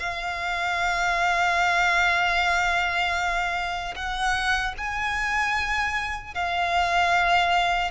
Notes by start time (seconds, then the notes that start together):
0.00 F5
3.96 F#5
4.78 G#5
6.35 F5